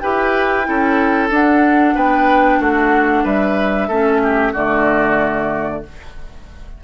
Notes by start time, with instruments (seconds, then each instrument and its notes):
0.00 bassoon E4, clarinet G4, oboe B4, flute G5
0.64 bassoon C#4, clarinet E4, oboe A4
1.30 bassoon D4, clarinet D4, flute F#5
1.95 bassoon B3, oboe B4, flute G5
2.59 bassoon A3, oboe F#4, flute F#5
3.24 bassoon G3, oboe B4, flute E5
3.88 bassoon A3, clarinet C#4, oboe A4
4.23 oboe G4
4.52 bassoon D3, clarinet A3, oboe F#4, flute D5